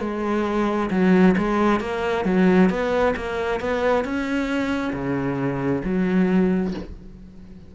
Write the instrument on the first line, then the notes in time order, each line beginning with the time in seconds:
cello
0.00 G#3
0.91 F#3
1.37 G#3
1.80 A#3
2.25 F#3
2.69 B3
3.16 A#3
3.60 B3
4.04 C#4
4.93 C#3
5.84 F#3